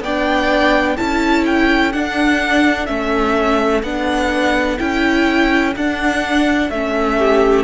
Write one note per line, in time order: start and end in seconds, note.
0.00 0.95 B3
0.00 0.97 D4
0.00 0.97 D5
0.00 0.96 G5
0.96 1.93 C#4
0.96 1.92 E4
0.96 7.16 A4
0.96 1.44 A5
1.45 1.92 G5
1.92 2.87 D4
1.92 2.88 D4
1.92 2.86 F#5
2.86 3.83 A3
2.86 3.82 C#4
2.86 3.81 E5
3.83 4.78 B3
3.83 4.78 D4
3.83 4.78 F#5
4.78 5.75 C#4
4.78 5.73 E4
4.78 5.73 G5
5.76 6.70 D4
5.76 6.72 D4
5.76 6.70 F#5
6.70 7.64 A3
6.70 7.64 C#4
6.70 7.64 E5
7.18 7.64 G4